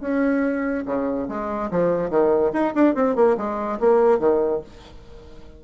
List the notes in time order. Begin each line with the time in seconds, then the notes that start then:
0.00 C#4
0.85 C#3
1.28 G#3
1.70 F3
2.10 D#3
2.52 D#4
2.74 D4
2.94 C4
3.15 A#3
3.37 G#3
3.80 A#3
4.19 D#3